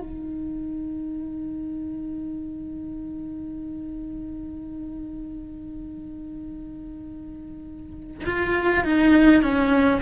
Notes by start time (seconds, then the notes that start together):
0.00 D#4
8.26 F4
8.84 D#4
9.42 C#4